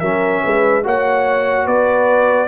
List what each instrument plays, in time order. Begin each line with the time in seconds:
0.00 tuba F#3, trombone C#4, horn A#4, trumpet E5
0.43 tuba G#3, horn B4
0.84 tuba A#3, trombone F#4, horn C#5, trumpet F#5
1.66 tuba B3, horn B4, trumpet D5